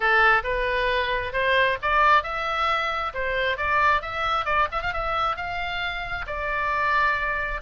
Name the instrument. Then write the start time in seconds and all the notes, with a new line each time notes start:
oboe
0.00 A4
0.43 B4
1.32 C5
1.82 D5
2.23 E5
3.14 C5
3.57 D5
4.01 E5
4.45 D5
4.71 E5
4.82 F5
4.93 E5
5.36 F5
6.26 D5